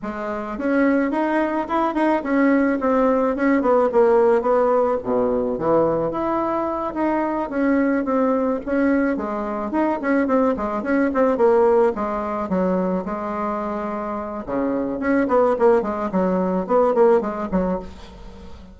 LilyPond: \new Staff \with { instrumentName = "bassoon" } { \time 4/4 \tempo 4 = 108 gis4 cis'4 dis'4 e'8 dis'8 | cis'4 c'4 cis'8 b8 ais4 | b4 b,4 e4 e'4~ | e'8 dis'4 cis'4 c'4 cis'8~ |
cis'8 gis4 dis'8 cis'8 c'8 gis8 cis'8 | c'8 ais4 gis4 fis4 gis8~ | gis2 cis4 cis'8 b8 | ais8 gis8 fis4 b8 ais8 gis8 fis8 | }